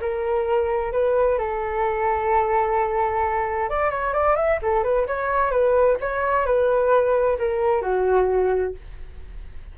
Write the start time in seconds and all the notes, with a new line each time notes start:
0.00 A#4
0.92 B4
1.38 A4
3.69 D5
3.90 C#5
4.13 D5
4.35 E5
4.62 A4
4.83 B4
5.07 C#5
5.50 B4
6.00 C#5
6.45 B4
7.38 A#4
7.81 F#4